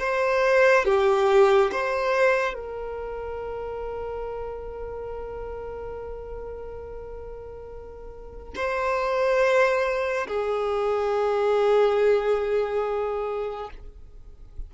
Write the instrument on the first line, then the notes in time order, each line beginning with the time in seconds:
violin
0.00 C5
0.85 G4
1.72 C5
2.54 A#4
8.56 C5
10.28 G#4